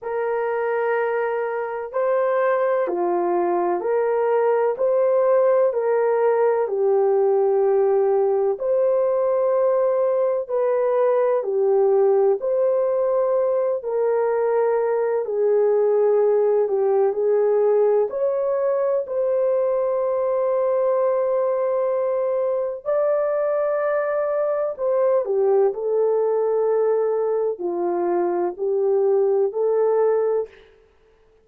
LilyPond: \new Staff \with { instrumentName = "horn" } { \time 4/4 \tempo 4 = 63 ais'2 c''4 f'4 | ais'4 c''4 ais'4 g'4~ | g'4 c''2 b'4 | g'4 c''4. ais'4. |
gis'4. g'8 gis'4 cis''4 | c''1 | d''2 c''8 g'8 a'4~ | a'4 f'4 g'4 a'4 | }